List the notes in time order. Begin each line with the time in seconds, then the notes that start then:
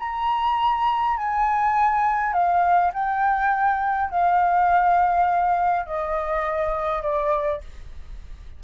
0.00 A#5
1.18 G#5
2.33 F5
2.94 G5
4.11 F5
5.86 D#5
7.03 D5